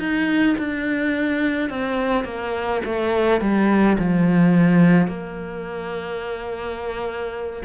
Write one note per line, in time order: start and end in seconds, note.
0.00 0.57 D#4
0.59 1.70 D4
1.70 2.25 C4
2.25 2.81 A#3
2.86 3.41 A3
3.41 3.98 G3
3.99 5.08 F3
5.08 7.63 A#3